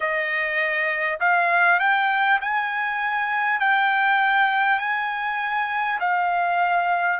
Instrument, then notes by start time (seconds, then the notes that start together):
trumpet
0.00 D#5
1.19 F5
1.79 G5
2.41 G#5
3.59 G5
4.79 G#5
6.00 F5